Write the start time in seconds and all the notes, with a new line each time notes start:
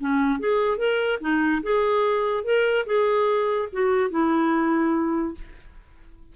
0.00 C#4
0.39 G#4
0.77 A#4
1.20 D#4
1.63 G#4
2.44 A#4
2.86 G#4
3.72 F#4
4.10 E4